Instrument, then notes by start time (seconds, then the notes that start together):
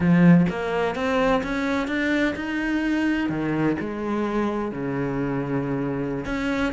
cello
0.00 F3
0.49 A#3
0.95 C4
1.43 C#4
1.87 D4
2.35 D#4
3.29 D#3
3.80 G#3
4.71 C#3
6.25 C#4